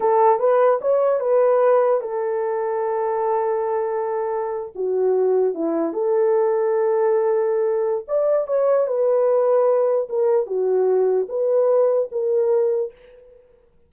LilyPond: \new Staff \with { instrumentName = "horn" } { \time 4/4 \tempo 4 = 149 a'4 b'4 cis''4 b'4~ | b'4 a'2.~ | a'2.~ a'8. fis'16~ | fis'4.~ fis'16 e'4 a'4~ a'16~ |
a'1 | d''4 cis''4 b'2~ | b'4 ais'4 fis'2 | b'2 ais'2 | }